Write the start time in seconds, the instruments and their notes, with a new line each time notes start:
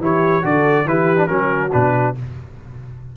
0.00 tuba E3, trombone E4, horn G4, trumpet C#5
0.42 tuba D3, trombone F#4, horn A4, trumpet D5
0.85 tuba E3, trombone E4, horn G4, trumpet B4
1.16 trombone D4
1.27 tuba F#3, trombone C#4, horn F#4, trumpet A#4
1.72 tuba B2, trombone D4, trumpet B4